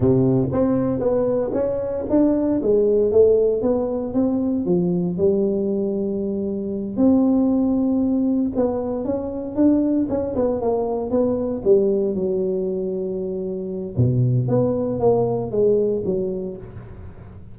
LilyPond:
\new Staff \with { instrumentName = "tuba" } { \time 4/4 \tempo 4 = 116 c4 c'4 b4 cis'4 | d'4 gis4 a4 b4 | c'4 f4 g2~ | g4. c'2~ c'8~ |
c'8 b4 cis'4 d'4 cis'8 | b8 ais4 b4 g4 fis8~ | fis2. b,4 | b4 ais4 gis4 fis4 | }